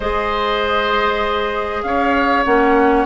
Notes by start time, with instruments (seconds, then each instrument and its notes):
0.00 bassoon G#3, clarinet G#4, oboe C5, flute D#5
1.82 bassoon C#4, oboe C#5, flute F5
2.45 bassoon A#3, clarinet C#4, flute F#5